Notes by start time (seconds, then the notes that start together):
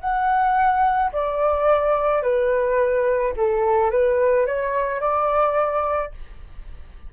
0.00 F#5
1.12 D5
2.22 B4
3.36 A4
3.91 B4
4.46 C#5
5.01 D5